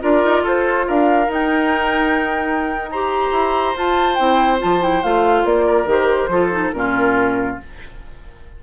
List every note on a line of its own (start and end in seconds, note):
0.00 0.24 D4
0.00 1.27 F4
0.00 0.43 A#4
0.00 0.46 D5
0.24 0.43 D#4
0.43 0.85 F4
0.43 0.86 A4
0.43 0.88 C5
0.87 1.27 D4
0.87 2.89 A#4
0.87 1.31 F5
1.27 2.87 D#4
1.27 3.30 D#4
1.27 2.90 G5
2.90 3.75 G4
2.90 5.66 C5
2.90 3.75 A#5
3.31 3.74 E4
3.75 4.17 F4
3.75 4.18 F4
3.75 4.15 A5
4.15 4.61 C4
4.15 4.58 E4
4.15 4.57 G5
4.58 5.03 F3
4.58 4.79 F4
4.58 4.82 A5
4.81 5.02 E4
4.81 5.03 G5
5.03 5.44 A3
5.03 5.86 F4
5.03 5.46 F5
5.44 5.85 A#3
5.44 5.88 D5
5.66 6.30 A#4
5.85 6.28 D#3
5.85 6.29 G4
5.85 6.72 C5
6.28 6.70 F3
6.28 6.51 F4
6.28 6.74 A4
6.51 6.73 D#4
6.72 7.59 A#2
6.72 7.58 C#4
6.72 7.57 A#4
6.78 7.63 F4